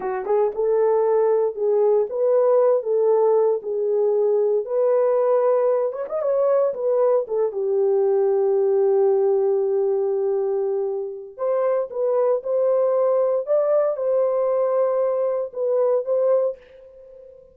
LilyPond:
\new Staff \with { instrumentName = "horn" } { \time 4/4 \tempo 4 = 116 fis'8 gis'8 a'2 gis'4 | b'4. a'4. gis'4~ | gis'4 b'2~ b'8 cis''16 dis''16 | cis''4 b'4 a'8 g'4.~ |
g'1~ | g'2 c''4 b'4 | c''2 d''4 c''4~ | c''2 b'4 c''4 | }